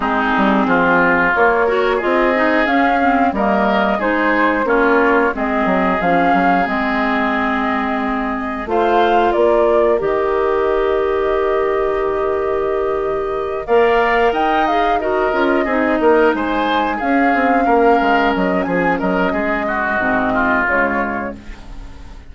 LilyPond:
<<
  \new Staff \with { instrumentName = "flute" } { \time 4/4 \tempo 4 = 90 gis'2 cis''4 dis''4 | f''4 dis''4 c''4 cis''4 | dis''4 f''4 dis''2~ | dis''4 f''4 d''4 dis''4~ |
dis''1~ | dis''8 f''4 g''8 f''8 dis''4.~ | dis''8 gis''4 f''2 dis''8 | gis''8 dis''2~ dis''8 cis''4 | }
  \new Staff \with { instrumentName = "oboe" } { \time 4/4 dis'4 f'4. ais'8 gis'4~ | gis'4 ais'4 gis'4 f'4 | gis'1~ | gis'4 c''4 ais'2~ |
ais'1~ | ais'8 d''4 dis''4 ais'4 gis'8 | ais'8 c''4 gis'4 ais'4. | gis'8 ais'8 gis'8 fis'4 f'4. | }
  \new Staff \with { instrumentName = "clarinet" } { \time 4/4 c'2 ais8 fis'8 f'8 dis'8 | cis'8 c'8 ais4 dis'4 cis'4 | c'4 cis'4 c'2~ | c'4 f'2 g'4~ |
g'1~ | g'8 ais'4. gis'8 fis'8 f'8 dis'8~ | dis'4. cis'2~ cis'8~ | cis'2 c'4 gis4 | }
  \new Staff \with { instrumentName = "bassoon" } { \time 4/4 gis8 g8 f4 ais4 c'4 | cis'4 g4 gis4 ais4 | gis8 fis8 f8 fis8 gis2~ | gis4 a4 ais4 dis4~ |
dis1~ | dis8 ais4 dis'4. cis'8 c'8 | ais8 gis4 cis'8 c'8 ais8 gis8 fis8 | f8 fis8 gis4 gis,4 cis4 | }
>>